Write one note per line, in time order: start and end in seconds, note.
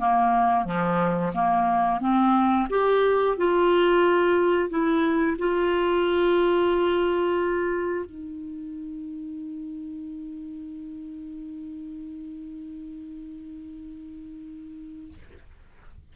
0.00 0.65 A#3
0.65 1.33 F3
1.35 2.01 A#3
2.01 2.68 C4
2.70 3.38 G4
3.38 4.70 F4
4.70 5.37 E4
5.39 8.06 F4
8.06 15.14 D#4